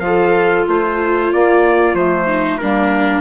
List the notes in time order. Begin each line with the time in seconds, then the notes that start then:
0.00 F3 F4 A4 F5
0.68 A3 F4 C5
1.32 A#3 D5
1.94 F3 A3 C5
2.27 D#4
2.58 G3 A#3 D4 A#4